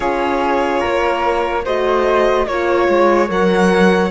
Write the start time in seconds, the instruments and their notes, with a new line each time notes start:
0.00 cello C#4, horn F4, flute G#4, violin C#5
0.80 cello A#3, flute A#4
1.64 cello A3, horn F#4, flute C5, violin D#5
2.47 cello A#3, horn F4, violin C#5, flute C#5
2.88 cello G#3
3.28 cello F#3, horn A#4, violin F#5